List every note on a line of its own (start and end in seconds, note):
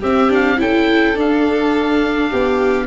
0.00 0.30 C4
0.00 0.60 C4
0.00 0.58 G4
0.00 0.32 E5
0.30 0.57 D4
0.30 0.61 F5
0.57 1.17 C#4
0.57 1.15 E4
0.57 2.31 A4
0.57 1.19 G5
1.15 2.87 D4
1.15 2.32 D4
1.15 2.87 F5
2.31 2.87 B3
2.31 2.87 G4